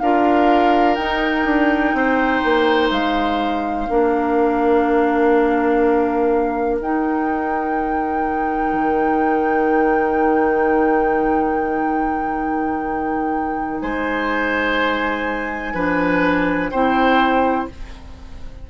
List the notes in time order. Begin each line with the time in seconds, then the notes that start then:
0.00 D4 F4 A#4 F5
0.95 D#4 G5
1.45 D4
1.94 C4 C5
2.44 A#3
2.91 G#3 F5
3.90 A#3 D4 A#4
6.80 D#4 G5
8.73 D#3
13.80 G#3 C5 G#5
15.74 F3 D4 B4
16.71 C4 E4 C5 G5